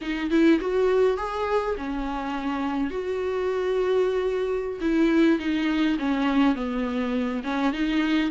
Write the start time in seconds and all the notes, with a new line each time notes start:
0.01 D#4
0.30 E4
0.60 F#4
1.17 G#4
1.77 C#4
2.90 F#4
4.81 E4
5.39 D#4
5.98 C#4
6.55 B3
7.43 C#4
7.72 D#4